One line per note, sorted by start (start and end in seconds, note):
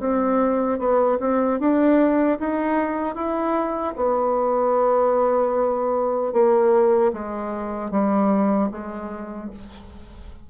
0.00 0.79 C4
0.79 1.18 B3
1.21 1.60 C4
1.60 2.39 D4
2.39 3.15 D#4
3.15 3.94 E4
3.97 6.33 B3
6.33 7.12 A#3
7.13 7.91 G#3
7.91 8.70 G3
8.72 9.51 G#3